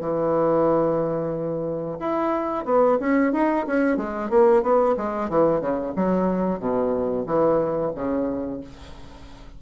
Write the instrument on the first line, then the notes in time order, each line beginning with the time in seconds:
bassoon
0.00 E3
1.99 E4
2.65 B3
3.00 C#4
3.32 D#4
3.66 C#4
3.97 G#3
4.29 A#3
4.62 B3
4.97 G#3
5.29 E3
5.60 C#3
5.96 F#3
6.59 B2
7.26 E3
7.95 C#3